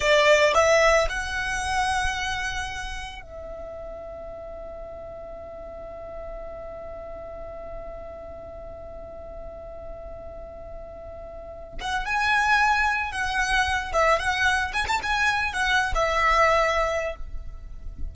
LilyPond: \new Staff \with { instrumentName = "violin" } { \time 4/4 \tempo 4 = 112 d''4 e''4 fis''2~ | fis''2 e''2~ | e''1~ | e''1~ |
e''1~ | e''2 fis''8 gis''4.~ | gis''8 fis''4. e''8 fis''4 gis''16 a''16 | gis''4 fis''8. e''2~ e''16 | }